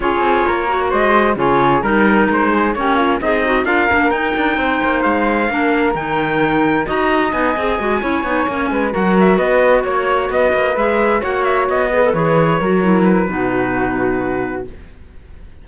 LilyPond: <<
  \new Staff \with { instrumentName = "trumpet" } { \time 4/4 \tempo 4 = 131 cis''2 dis''4 cis''4 | ais'4 c''4 cis''4 dis''4 | f''4 g''2 f''4~ | f''4 g''2 ais''4 |
gis''2.~ gis''8 fis''8 | e''8 dis''4 cis''4 dis''4 e''8~ | e''8 fis''8 e''8 dis''4 cis''4.~ | cis''8 b'2.~ b'8 | }
  \new Staff \with { instrumentName = "flute" } { \time 4/4 gis'4 ais'4 c''4 gis'4 | ais'4. gis'8 g'8 f'8 dis'4 | ais'2 c''2 | ais'2. dis''4~ |
dis''4. cis''4. b'8 ais'8~ | ais'8 b'4 cis''4 b'4.~ | b'8 cis''4. b'4. ais'8~ | ais'4 fis'2. | }
  \new Staff \with { instrumentName = "clarinet" } { \time 4/4 f'4. fis'4. f'4 | dis'2 cis'4 gis'8 fis'8 | f'8 d'8 dis'2. | d'4 dis'2 fis'4 |
dis'8 gis'8 fis'8 e'8 dis'8 cis'4 fis'8~ | fis'2.~ fis'8 gis'8~ | gis'8 fis'4. gis'16 a'16 gis'4 fis'8 | e'4 dis'2. | }
  \new Staff \with { instrumentName = "cello" } { \time 4/4 cis'8 c'8 ais4 gis4 cis4 | g4 gis4 ais4 c'4 | d'8 ais8 dis'8 d'8 c'8 ais8 gis4 | ais4 dis2 dis'4 |
b8 c'8 gis8 cis'8 b8 ais8 gis8 fis8~ | fis8 b4 ais4 b8 ais8 gis8~ | gis8 ais4 b4 e4 fis8~ | fis4 b,2. | }
>>